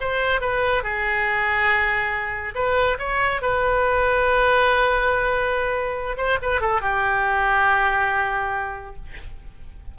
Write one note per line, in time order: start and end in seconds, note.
0.00 0.41 C5
0.41 0.83 B4
0.83 2.54 G#4
2.55 2.98 B4
2.99 3.41 C#5
3.41 6.17 B4
6.17 6.38 C5
6.42 6.61 B4
6.61 6.81 A4
6.81 8.96 G4